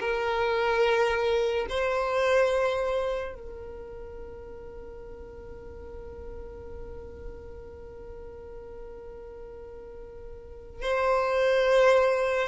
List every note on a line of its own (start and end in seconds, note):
0.00 1.67 A#4
1.69 3.35 C5
3.35 10.83 A#4
10.83 12.48 C5